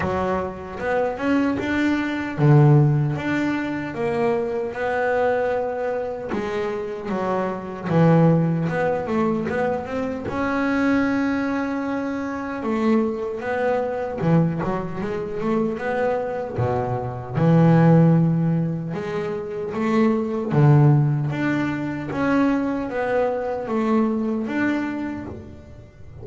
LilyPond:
\new Staff \with { instrumentName = "double bass" } { \time 4/4 \tempo 4 = 76 fis4 b8 cis'8 d'4 d4 | d'4 ais4 b2 | gis4 fis4 e4 b8 a8 | b8 c'8 cis'2. |
a4 b4 e8 fis8 gis8 a8 | b4 b,4 e2 | gis4 a4 d4 d'4 | cis'4 b4 a4 d'4 | }